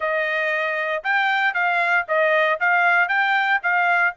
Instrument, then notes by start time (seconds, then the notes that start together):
trumpet
0.00 D#5
1.03 G5
1.54 F5
2.08 D#5
2.60 F5
3.08 G5
3.62 F5